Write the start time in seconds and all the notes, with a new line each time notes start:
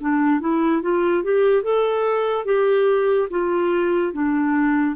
0.00 D4
0.40 E4
0.81 F4
1.23 G4
1.63 A4
2.45 G4
3.30 F4
4.12 D4